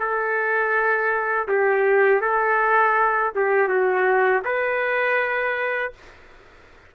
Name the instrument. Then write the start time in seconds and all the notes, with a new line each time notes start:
trumpet
0.00 A4
1.48 G4
2.22 A4
3.36 G4
3.69 F#4
4.45 B4